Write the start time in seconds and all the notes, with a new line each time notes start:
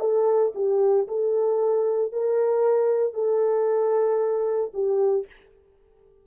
0.00 A4
0.55 G4
1.08 A4
2.12 A#4
3.13 A4
4.74 G4